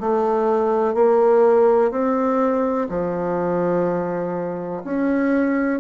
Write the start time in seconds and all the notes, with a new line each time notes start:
0.00 A3
0.95 A#3
1.91 C4
2.89 F3
4.84 C#4